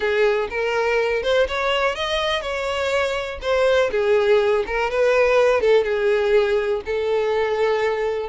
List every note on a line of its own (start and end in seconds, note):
0.00 0.48 G#4
0.49 1.22 A#4
1.22 1.47 C5
1.48 1.95 C#5
1.95 2.41 D#5
2.41 3.39 C#5
3.41 3.90 C5
3.91 4.64 G#4
4.66 4.90 A#4
4.90 5.60 B4
5.60 5.84 A4
5.84 6.81 G#4
6.85 8.29 A4